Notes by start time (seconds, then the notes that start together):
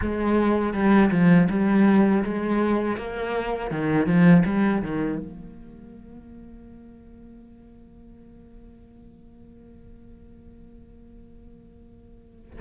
0.01 G#3
0.73 G3
1.11 F3
1.49 G3
2.24 G#3
2.97 A#3
3.70 D#3
4.06 F3
4.45 G3
4.82 D#3
5.18 A#3